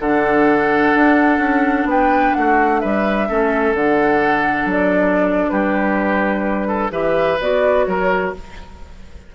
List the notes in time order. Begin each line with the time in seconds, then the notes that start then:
0.00 D3 D4 A4 F#5
0.95 D4
1.39 C#4
1.85 B3 B4 G5
2.34 A3 F#4 F#5
2.80 G3 B4 E5
3.29 A3 C#4 A4
3.74 D3 D4 F#5
4.66 F#3
4.72 D5
5.50 G3 G4 B4
6.68 A4
6.91 E3 G4 B4 E5
7.41 B3 F#4 D5
7.86 F#3 A#4 C#5